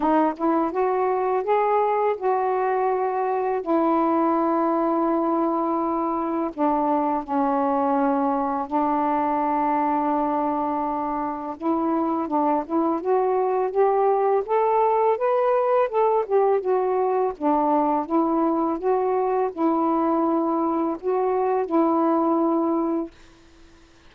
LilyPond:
\new Staff \with { instrumentName = "saxophone" } { \time 4/4 \tempo 4 = 83 dis'8 e'8 fis'4 gis'4 fis'4~ | fis'4 e'2.~ | e'4 d'4 cis'2 | d'1 |
e'4 d'8 e'8 fis'4 g'4 | a'4 b'4 a'8 g'8 fis'4 | d'4 e'4 fis'4 e'4~ | e'4 fis'4 e'2 | }